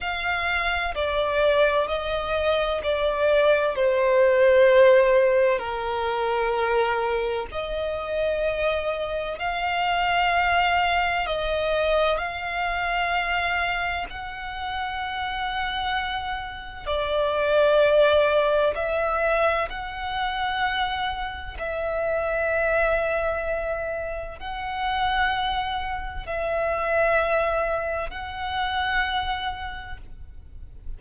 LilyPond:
\new Staff \with { instrumentName = "violin" } { \time 4/4 \tempo 4 = 64 f''4 d''4 dis''4 d''4 | c''2 ais'2 | dis''2 f''2 | dis''4 f''2 fis''4~ |
fis''2 d''2 | e''4 fis''2 e''4~ | e''2 fis''2 | e''2 fis''2 | }